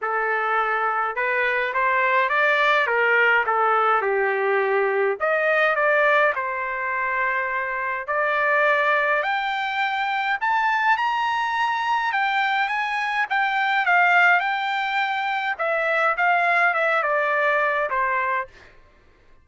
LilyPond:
\new Staff \with { instrumentName = "trumpet" } { \time 4/4 \tempo 4 = 104 a'2 b'4 c''4 | d''4 ais'4 a'4 g'4~ | g'4 dis''4 d''4 c''4~ | c''2 d''2 |
g''2 a''4 ais''4~ | ais''4 g''4 gis''4 g''4 | f''4 g''2 e''4 | f''4 e''8 d''4. c''4 | }